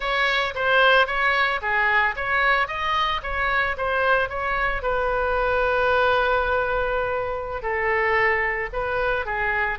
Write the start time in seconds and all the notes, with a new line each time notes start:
0.00 C#5
0.54 C5
1.07 C#5
1.61 G#4
2.16 C#5
2.67 D#5
3.22 C#5
3.77 C5
4.29 C#5
4.82 B4
7.62 A4
8.72 B4
9.25 G#4